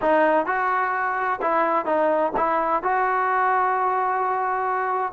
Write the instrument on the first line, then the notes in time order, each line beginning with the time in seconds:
trombone
0.01 D#4
0.46 F#4
1.41 E4
1.85 D#4
2.37 E4
2.83 F#4